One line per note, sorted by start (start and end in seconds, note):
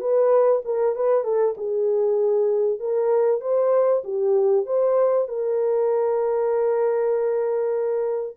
0.00 0.62 B4
0.65 0.96 A#4
0.96 1.24 B4
1.24 1.55 A4
1.57 2.79 G#4
2.79 3.41 A#4
3.41 4.03 C5
4.04 4.66 G4
4.66 5.28 C5
5.28 8.37 A#4